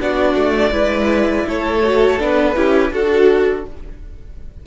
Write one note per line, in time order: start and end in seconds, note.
0.00 0.34 B3
0.00 0.71 D4
0.00 0.72 F#4
0.00 1.48 D5
0.34 0.71 A3
0.71 1.44 G#3
0.71 1.81 E4
0.71 1.46 B4
1.48 2.20 A3
1.48 2.56 A4
1.48 2.22 C#5
1.84 2.19 F#4
2.19 2.56 B3
2.19 2.55 D4
2.19 2.92 B4
2.55 2.90 C#4
2.55 2.91 E4
2.55 2.92 G4
2.90 3.63 D4
2.90 3.66 F#4
2.90 3.65 A4